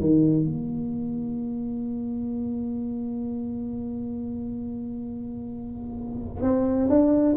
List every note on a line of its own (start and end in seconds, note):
0.00 0.44 D#3
0.44 6.42 A#3
6.42 6.88 C4
6.89 7.35 D4